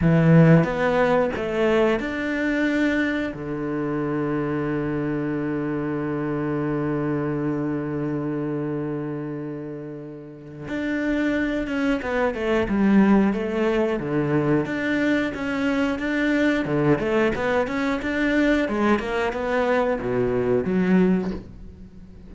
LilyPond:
\new Staff \with { instrumentName = "cello" } { \time 4/4 \tempo 4 = 90 e4 b4 a4 d'4~ | d'4 d2.~ | d1~ | d1 |
d'4. cis'8 b8 a8 g4 | a4 d4 d'4 cis'4 | d'4 d8 a8 b8 cis'8 d'4 | gis8 ais8 b4 b,4 fis4 | }